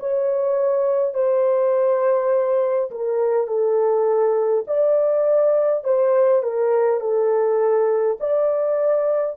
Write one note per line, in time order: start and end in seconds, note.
0.00 1.14 C#5
1.14 2.91 C5
2.91 3.48 A#4
3.48 4.65 A4
4.67 5.84 D5
5.84 6.43 C5
6.43 7.01 A#4
7.01 8.18 A4
8.20 9.37 D5